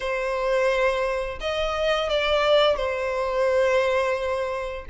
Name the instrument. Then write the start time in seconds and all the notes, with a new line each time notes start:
violin
0.00 C5
1.40 D#5
2.09 D5
2.76 C5